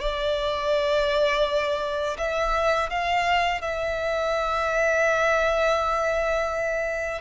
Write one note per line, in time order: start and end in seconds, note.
0.00 2.17 D5
2.18 2.89 E5
2.89 3.61 F5
3.61 7.21 E5